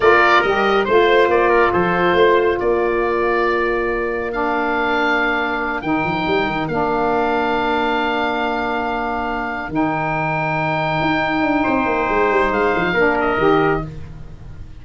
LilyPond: <<
  \new Staff \with { instrumentName = "oboe" } { \time 4/4 \tempo 4 = 139 d''4 dis''4 c''4 d''4 | c''2 d''2~ | d''2 f''2~ | f''4. g''2 f''8~ |
f''1~ | f''2~ f''8 g''4.~ | g''1~ | g''4 f''4. dis''4. | }
  \new Staff \with { instrumentName = "trumpet" } { \time 4/4 ais'2 c''4. ais'8 | a'4 c''4 ais'2~ | ais'1~ | ais'1~ |
ais'1~ | ais'1~ | ais'2. c''4~ | c''2 ais'2 | }
  \new Staff \with { instrumentName = "saxophone" } { \time 4/4 f'4 g'4 f'2~ | f'1~ | f'2 d'2~ | d'4. dis'2 d'8~ |
d'1~ | d'2~ d'8 dis'4.~ | dis'1~ | dis'2 d'4 g'4 | }
  \new Staff \with { instrumentName = "tuba" } { \time 4/4 ais4 g4 a4 ais4 | f4 a4 ais2~ | ais1~ | ais4. dis8 f8 g8 dis8 ais8~ |
ais1~ | ais2~ ais8 dis4.~ | dis4. dis'4 d'8 c'8 ais8 | gis8 g8 gis8 f8 ais4 dis4 | }
>>